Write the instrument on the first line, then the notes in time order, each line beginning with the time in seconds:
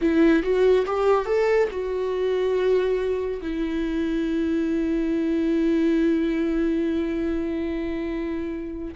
viola
0.01 E4
0.43 F#4
0.86 G4
1.25 A4
1.70 F#4
3.41 E4